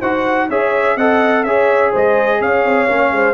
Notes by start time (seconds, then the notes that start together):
0.00 D#4 F#4 C5 F#5
0.50 C#4 G#4 C#5 E5
0.96 C4 A4 D#5 F#5
1.44 C#4 G#4 C#5 E5
1.92 G#3 C5 D#5
2.41 C#4 C#5 F5
2.65 C4
2.89 A#3 C#4
3.12 G#3 C5